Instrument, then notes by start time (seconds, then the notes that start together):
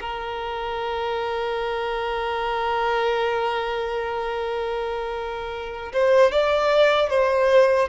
violin
0.00 A#4
5.92 C5
6.31 D5
7.09 C5